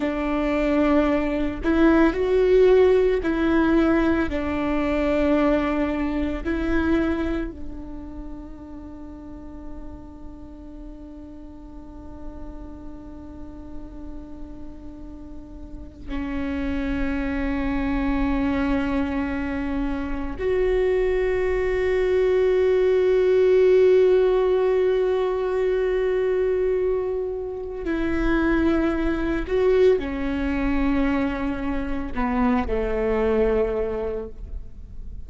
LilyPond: \new Staff \with { instrumentName = "viola" } { \time 4/4 \tempo 4 = 56 d'4. e'8 fis'4 e'4 | d'2 e'4 d'4~ | d'1~ | d'2. cis'4~ |
cis'2. fis'4~ | fis'1~ | fis'2 e'4. fis'8 | cis'2 b8 a4. | }